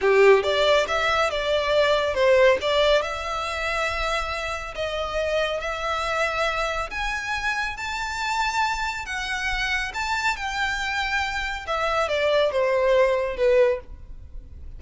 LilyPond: \new Staff \with { instrumentName = "violin" } { \time 4/4 \tempo 4 = 139 g'4 d''4 e''4 d''4~ | d''4 c''4 d''4 e''4~ | e''2. dis''4~ | dis''4 e''2. |
gis''2 a''2~ | a''4 fis''2 a''4 | g''2. e''4 | d''4 c''2 b'4 | }